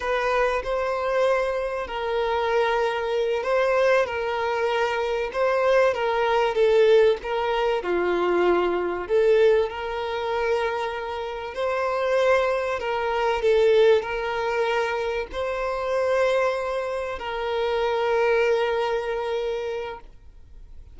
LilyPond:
\new Staff \with { instrumentName = "violin" } { \time 4/4 \tempo 4 = 96 b'4 c''2 ais'4~ | ais'4. c''4 ais'4.~ | ais'8 c''4 ais'4 a'4 ais'8~ | ais'8 f'2 a'4 ais'8~ |
ais'2~ ais'8 c''4.~ | c''8 ais'4 a'4 ais'4.~ | ais'8 c''2. ais'8~ | ais'1 | }